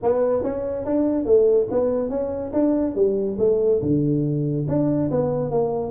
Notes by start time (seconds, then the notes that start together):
0.02 B3
0.43 C#4
0.85 D4
1.25 A3
1.70 B3
2.09 C#4
2.52 D4
2.95 G3
3.39 A3
3.81 D3
4.67 D4
5.10 B3
5.50 A#3